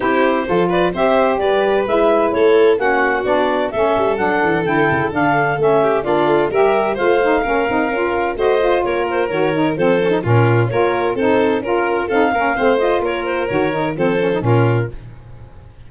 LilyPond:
<<
  \new Staff \with { instrumentName = "clarinet" } { \time 4/4 \tempo 4 = 129 c''4. d''8 e''4 d''4 | e''4 cis''4 fis''4 d''4 | e''4 fis''4 g''4 f''4 | e''4 d''4 e''4 f''4~ |
f''2 dis''4 cis''8 c''8 | cis''4 c''4 ais'4 cis''4 | c''4 ais'4 f''4. dis''8 | cis''8 c''8 cis''4 c''4 ais'4 | }
  \new Staff \with { instrumentName = "violin" } { \time 4/4 g'4 a'8 b'8 c''4 b'4~ | b'4 a'4 fis'2 | a'1~ | a'8 g'8 f'4 ais'4 c''4 |
ais'2 c''4 ais'4~ | ais'4 a'4 f'4 ais'4 | a'4 ais'4 a'8 ais'8 c''4 | ais'2 a'4 f'4 | }
  \new Staff \with { instrumentName = "saxophone" } { \time 4/4 e'4 f'4 g'2 | e'2 cis'4 d'4 | cis'4 d'4 e'4 d'4 | cis'4 d'4 g'4 f'8 dis'8 |
cis'8 dis'8 f'4 fis'8 f'4. | fis'8 dis'8 c'8 cis'16 dis'16 cis'4 f'4 | dis'4 f'4 dis'8 cis'8 c'8 f'8~ | f'4 fis'8 dis'8 c'8 cis'16 dis'16 cis'4 | }
  \new Staff \with { instrumentName = "tuba" } { \time 4/4 c'4 f4 c'4 g4 | gis4 a4 ais4 b4 | a8 g8 fis8 e8 d8 cis8 d4 | a4 ais8 a8 g4 a4 |
ais8 c'8 cis'4 a4 ais4 | dis4 f4 ais,4 ais4 | c'4 cis'4 c'8 ais8 a4 | ais4 dis4 f4 ais,4 | }
>>